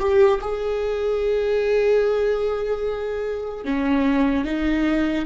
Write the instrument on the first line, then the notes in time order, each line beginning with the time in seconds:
viola
0.00 G4
0.42 G#4
3.65 C#4
4.45 D#4